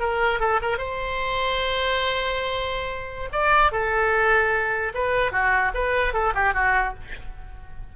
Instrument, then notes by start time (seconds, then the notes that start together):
oboe
0.00 A#4
0.40 A4
0.62 A#4
0.78 C5
3.33 D5
3.72 A4
4.95 B4
5.32 F#4
5.75 B4
6.14 A4
6.35 G4
6.54 F#4